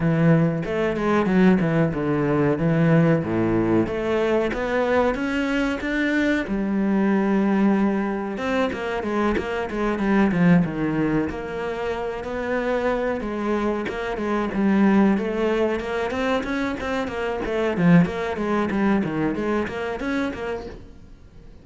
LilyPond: \new Staff \with { instrumentName = "cello" } { \time 4/4 \tempo 4 = 93 e4 a8 gis8 fis8 e8 d4 | e4 a,4 a4 b4 | cis'4 d'4 g2~ | g4 c'8 ais8 gis8 ais8 gis8 g8 |
f8 dis4 ais4. b4~ | b8 gis4 ais8 gis8 g4 a8~ | a8 ais8 c'8 cis'8 c'8 ais8 a8 f8 | ais8 gis8 g8 dis8 gis8 ais8 cis'8 ais8 | }